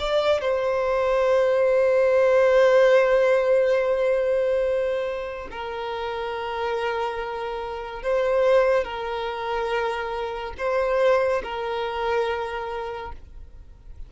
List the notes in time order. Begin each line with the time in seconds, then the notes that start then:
0.00 D5
0.41 C5
5.52 A#4
8.03 C5
8.85 A#4
10.58 C5
11.44 A#4